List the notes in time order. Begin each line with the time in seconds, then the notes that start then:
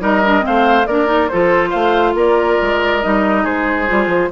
0.00 G3 D#4 A#4 D#5
0.25 D4
0.41 C4 C5 F5
0.47 A3
0.86 A#3 D4 A#4 D5
1.06 D#4
1.28 F3 F4 A4 C5
1.70 A3 C5 F5
2.14 A#3 A#4 D5
2.62 G#3
3.02 G3 D#4 D#5
3.43 G#3 G#4 C5
3.87 G3 F4
4.07 F3